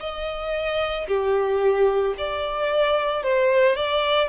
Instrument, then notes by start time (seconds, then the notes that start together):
violin
0.00 D#5
1.08 G4
2.18 D5
3.23 C5
3.76 D5